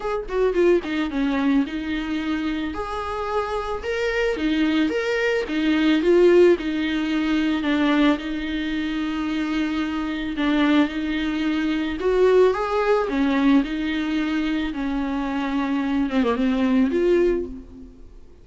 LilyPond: \new Staff \with { instrumentName = "viola" } { \time 4/4 \tempo 4 = 110 gis'8 fis'8 f'8 dis'8 cis'4 dis'4~ | dis'4 gis'2 ais'4 | dis'4 ais'4 dis'4 f'4 | dis'2 d'4 dis'4~ |
dis'2. d'4 | dis'2 fis'4 gis'4 | cis'4 dis'2 cis'4~ | cis'4. c'16 ais16 c'4 f'4 | }